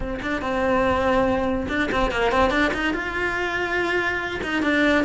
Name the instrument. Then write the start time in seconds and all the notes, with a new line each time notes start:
cello
0.00 C4
0.21 D4
0.41 C4
1.68 D4
1.91 C4
2.11 A#3
2.31 C4
2.50 D4
2.73 D#4
2.93 F4
4.43 D#4
4.62 D4